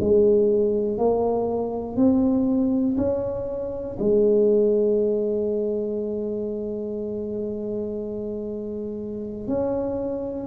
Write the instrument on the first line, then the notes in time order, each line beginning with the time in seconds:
tuba
0.00 G#3
0.98 A#3
1.96 C4
2.97 C#4
3.99 G#3
9.47 C#4